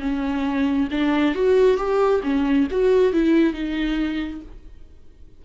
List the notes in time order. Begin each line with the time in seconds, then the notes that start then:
0.00 C#4
0.91 D4
1.35 F#4
1.77 G4
2.23 C#4
2.71 F#4
3.13 E4
3.53 D#4